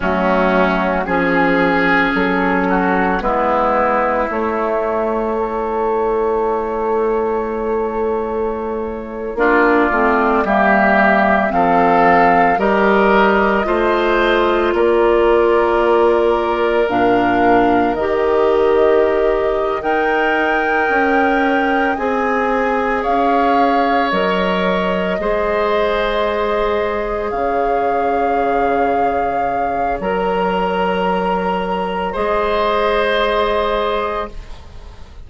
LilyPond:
<<
  \new Staff \with { instrumentName = "flute" } { \time 4/4 \tempo 4 = 56 fis'4 gis'4 a'4 b'4 | cis''1~ | cis''8. d''4 e''4 f''4 dis''16~ | dis''4.~ dis''16 d''2 f''16~ |
f''8. dis''4.~ dis''16 g''4.~ | g''8 gis''4 f''4 dis''4.~ | dis''4. f''2~ f''8 | ais''2 dis''2 | }
  \new Staff \with { instrumentName = "oboe" } { \time 4/4 cis'4 gis'4. fis'8 e'4~ | e'4 a'2.~ | a'8. f'4 g'4 a'4 ais'16~ | ais'8. c''4 ais'2~ ais'16~ |
ais'2~ ais'8 dis''4.~ | dis''4. cis''2 c''8~ | c''4. cis''2~ cis''8~ | cis''2 c''2 | }
  \new Staff \with { instrumentName = "clarinet" } { \time 4/4 a4 cis'2 b4 | a4 e'2.~ | e'8. d'8 c'8 ais4 c'4 g'16~ | g'8. f'2. d'16~ |
d'8. g'4.~ g'16 ais'4.~ | ais'8 gis'2 ais'4 gis'8~ | gis'1 | ais'2 gis'2 | }
  \new Staff \with { instrumentName = "bassoon" } { \time 4/4 fis4 f4 fis4 gis4 | a1~ | a8. ais8 a8 g4 f4 g16~ | g8. a4 ais2 ais,16~ |
ais,8. dis4.~ dis16 dis'4 cis'8~ | cis'8 c'4 cis'4 fis4 gis8~ | gis4. cis2~ cis8 | fis2 gis2 | }
>>